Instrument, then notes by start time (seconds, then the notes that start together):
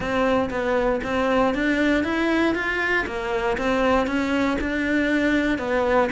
cello
0.00 C4
0.49 B3
1.03 C4
1.54 D4
2.03 E4
2.54 F4
3.06 A#3
3.57 C4
4.06 C#4
4.60 D4
5.58 B3